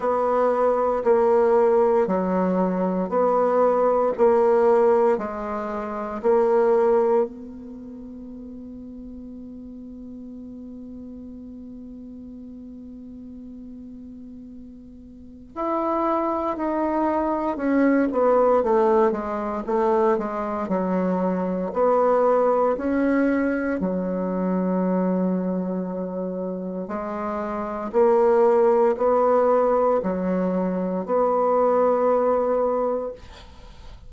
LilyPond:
\new Staff \with { instrumentName = "bassoon" } { \time 4/4 \tempo 4 = 58 b4 ais4 fis4 b4 | ais4 gis4 ais4 b4~ | b1~ | b2. e'4 |
dis'4 cis'8 b8 a8 gis8 a8 gis8 | fis4 b4 cis'4 fis4~ | fis2 gis4 ais4 | b4 fis4 b2 | }